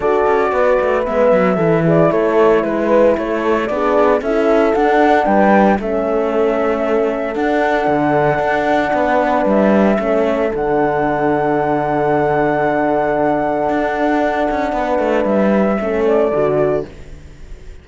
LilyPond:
<<
  \new Staff \with { instrumentName = "flute" } { \time 4/4 \tempo 4 = 114 d''2 e''4. d''8 | cis''4 b'4 cis''4 d''4 | e''4 fis''4 g''4 e''4~ | e''2 fis''2~ |
fis''2 e''2 | fis''1~ | fis''1~ | fis''4 e''4. d''4. | }
  \new Staff \with { instrumentName = "horn" } { \time 4/4 a'4 b'2 a'8 gis'8 | a'4 b'4 a'4 gis'4 | a'2 b'4 a'4~ | a'1~ |
a'4 b'2 a'4~ | a'1~ | a'1 | b'2 a'2 | }
  \new Staff \with { instrumentName = "horn" } { \time 4/4 fis'2 b4 e'4~ | e'2. d'4 | e'4 d'2 cis'4~ | cis'2 d'2~ |
d'2. cis'4 | d'1~ | d'1~ | d'2 cis'4 fis'4 | }
  \new Staff \with { instrumentName = "cello" } { \time 4/4 d'8 cis'8 b8 a8 gis8 fis8 e4 | a4 gis4 a4 b4 | cis'4 d'4 g4 a4~ | a2 d'4 d4 |
d'4 b4 g4 a4 | d1~ | d2 d'4. cis'8 | b8 a8 g4 a4 d4 | }
>>